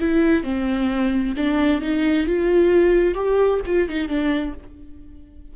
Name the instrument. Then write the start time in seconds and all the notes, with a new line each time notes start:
viola
0.00 E4
0.44 C4
1.37 D4
1.82 D#4
2.27 F4
3.15 G4
3.66 F4
3.89 D#4
4.08 D4